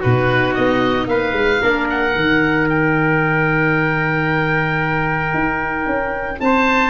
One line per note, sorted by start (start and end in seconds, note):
0.00 0.57 B2
0.00 1.61 D#4
0.00 1.06 F#4
0.00 0.54 B4
0.54 1.07 B3
0.54 1.07 D#5
1.07 1.32 A#3
1.07 1.62 B4
1.07 1.88 F5
1.32 1.59 G#3
1.61 2.15 A#3
1.61 2.13 D4
1.61 6.39 A#4
1.89 2.69 F#5
2.13 5.34 D#3
2.13 6.90 D#4
2.69 6.40 G5
5.34 5.86 D#4
5.86 6.39 C#4
6.40 6.90 C4
6.40 6.90 C5
6.40 6.90 A5